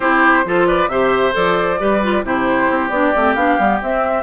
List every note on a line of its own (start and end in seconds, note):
0.00 0.44 C4
0.00 0.45 E4
0.00 0.45 G4
0.00 0.66 C5
0.45 0.87 F3
0.45 0.89 F4
0.45 0.67 A4
0.66 0.89 B4
0.66 0.89 D5
0.87 1.32 C3
0.87 1.32 G4
0.87 1.80 C5
0.87 1.33 E5
1.32 1.80 F3
1.32 1.77 A4
1.32 2.25 D5
1.78 2.23 G3
1.78 2.01 G4
1.78 2.24 B4
2.02 2.24 F4
2.23 2.68 C3
2.23 2.91 E4
2.23 4.23 G4
2.23 2.89 C5
2.69 2.89 C4
2.89 3.12 B3
2.89 3.14 D4
2.89 3.34 D5
3.15 3.35 A3
3.15 3.37 C4
3.34 3.57 B3
3.34 3.59 D4
3.34 3.79 F5
3.58 3.81 G3
3.58 3.81 B3
3.81 4.23 C4
3.81 4.23 E5